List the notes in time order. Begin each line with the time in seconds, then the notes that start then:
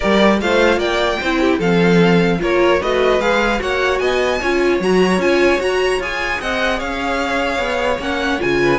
0.00 G3 G4 A#4 D5
0.40 A3 F4 C5 F5
0.77 A#3 D5 G5
1.20 C4 E4 C5
1.40 G4
1.58 F3 C4 A4 F5
2.39 A#3 F4 A#4 C#5
2.80 A3 F#4 B4 D#5
3.20 G#3 G#4 F5
3.59 A#3 F#4 C#5 F#5
3.98 B3 D#5 G#5
4.40 C#4 F4 C#5
4.80 F#3 F#4 A#5
5.18 C#4 F4 G#5
5.59 F#4 A#5
5.99 F4 G#4 G#5
6.40 C4 D#5 F#5
6.78 C#4 C#5 F5
7.58 B3
7.98 A#3 C#4 F#5
8.38 C#3 F4 G#5
8.61 B4